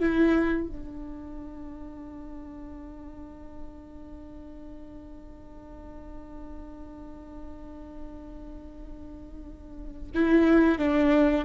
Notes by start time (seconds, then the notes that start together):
0.00 E4
0.67 D4
10.14 E4
10.78 D4